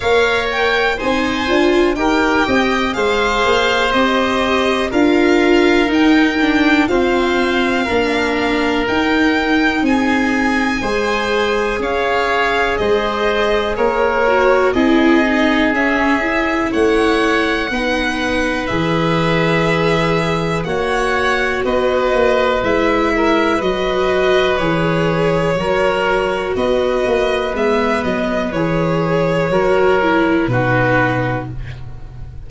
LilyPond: <<
  \new Staff \with { instrumentName = "violin" } { \time 4/4 \tempo 4 = 61 f''8 g''8 gis''4 g''4 f''4 | dis''4 f''4 g''4 f''4~ | f''4 g''4 gis''2 | f''4 dis''4 cis''4 dis''4 |
e''4 fis''2 e''4~ | e''4 fis''4 dis''4 e''4 | dis''4 cis''2 dis''4 | e''8 dis''8 cis''2 b'4 | }
  \new Staff \with { instrumentName = "oboe" } { \time 4/4 cis''4 c''4 ais'8 dis''8 c''4~ | c''4 ais'2 c''4 | ais'2 gis'4 c''4 | cis''4 c''4 ais'4 gis'4~ |
gis'4 cis''4 b'2~ | b'4 cis''4 b'4. ais'8 | b'2 ais'4 b'4~ | b'2 ais'4 fis'4 | }
  \new Staff \with { instrumentName = "viola" } { \time 4/4 ais'4 dis'8 f'8 g'4 gis'4 | g'4 f'4 dis'8 d'8 c'4 | d'4 dis'2 gis'4~ | gis'2~ gis'8 fis'8 e'8 dis'8 |
cis'8 e'4. dis'4 gis'4~ | gis'4 fis'2 e'4 | fis'4 gis'4 fis'2 | b4 gis'4 fis'8 e'8 dis'4 | }
  \new Staff \with { instrumentName = "tuba" } { \time 4/4 ais4 c'8 d'8 dis'8 c'8 gis8 ais8 | c'4 d'4 dis'4 f'4 | ais4 dis'4 c'4 gis4 | cis'4 gis4 ais4 c'4 |
cis'4 a4 b4 e4~ | e4 ais4 b8 ais8 gis4 | fis4 e4 fis4 b8 ais8 | gis8 fis8 e4 fis4 b,4 | }
>>